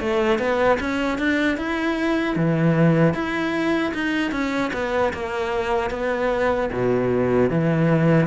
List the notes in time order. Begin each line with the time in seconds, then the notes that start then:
0.00 A3
0.39 B3
0.80 C#4
1.18 D4
1.57 E4
2.36 E3
3.14 E4
3.94 D#4
4.32 C#4
4.73 B3
5.13 A#3
5.90 B3
6.72 B2
7.50 E3